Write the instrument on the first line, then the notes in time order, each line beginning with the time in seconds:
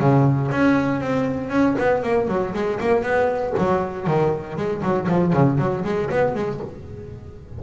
double bass
0.00 C#3
0.52 C#4
1.01 C4
1.50 C#4
1.79 B3
2.03 A#3
2.28 F#3
2.54 G#3
2.81 A#3
3.03 B3
3.59 F#3
4.07 D#3
4.57 G#3
4.83 F#3
5.09 F3
5.34 C#3
5.59 F#3
5.85 G#3
6.11 B3
6.35 G#3